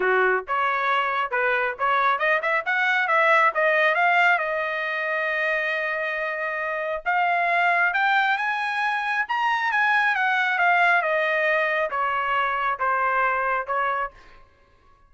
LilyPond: \new Staff \with { instrumentName = "trumpet" } { \time 4/4 \tempo 4 = 136 fis'4 cis''2 b'4 | cis''4 dis''8 e''8 fis''4 e''4 | dis''4 f''4 dis''2~ | dis''1 |
f''2 g''4 gis''4~ | gis''4 ais''4 gis''4 fis''4 | f''4 dis''2 cis''4~ | cis''4 c''2 cis''4 | }